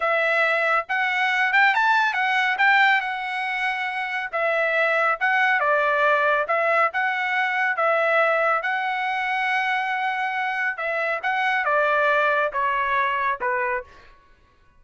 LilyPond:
\new Staff \with { instrumentName = "trumpet" } { \time 4/4 \tempo 4 = 139 e''2 fis''4. g''8 | a''4 fis''4 g''4 fis''4~ | fis''2 e''2 | fis''4 d''2 e''4 |
fis''2 e''2 | fis''1~ | fis''4 e''4 fis''4 d''4~ | d''4 cis''2 b'4 | }